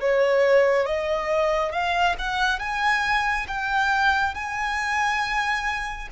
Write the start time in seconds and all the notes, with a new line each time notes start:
0.00 C#5
0.85 D#5
1.72 F5
2.18 F#5
2.59 G#5
3.47 G5
4.34 G#5